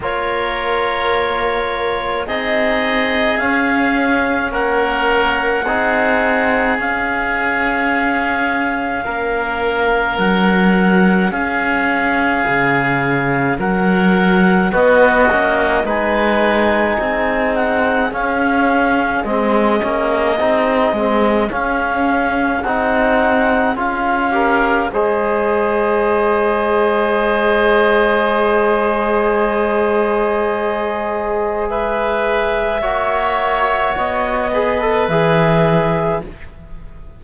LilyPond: <<
  \new Staff \with { instrumentName = "clarinet" } { \time 4/4 \tempo 4 = 53 cis''2 dis''4 f''4 | fis''2 f''2~ | f''4 fis''4 f''2 | fis''4 dis''4 gis''4. fis''8 |
f''4 dis''2 f''4 | fis''4 f''4 dis''2~ | dis''1 | e''2 dis''4 e''4 | }
  \new Staff \with { instrumentName = "oboe" } { \time 4/4 ais'2 gis'2 | ais'4 gis'2. | ais'2 gis'2 | ais'4 fis'4 b'4 gis'4~ |
gis'1~ | gis'4. ais'8 c''2~ | c''1 | b'4 cis''4. b'4. | }
  \new Staff \with { instrumentName = "trombone" } { \time 4/4 f'2 dis'4 cis'4~ | cis'4 dis'4 cis'2~ | cis'1~ | cis'4 b8 cis'8 dis'2 |
cis'4 c'8 cis'8 dis'8 c'8 cis'4 | dis'4 f'8 g'8 gis'2~ | gis'1~ | gis'4 fis'4. gis'16 a'16 gis'4 | }
  \new Staff \with { instrumentName = "cello" } { \time 4/4 ais2 c'4 cis'4 | ais4 c'4 cis'2 | ais4 fis4 cis'4 cis4 | fis4 b8 ais8 gis4 c'4 |
cis'4 gis8 ais8 c'8 gis8 cis'4 | c'4 cis'4 gis2~ | gis1~ | gis4 ais4 b4 e4 | }
>>